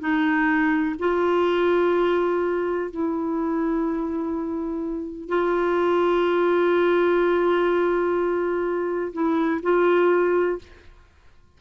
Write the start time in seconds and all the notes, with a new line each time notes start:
0.00 D#4
0.99 F4
2.91 E4
5.29 F4
9.13 E4
9.63 F4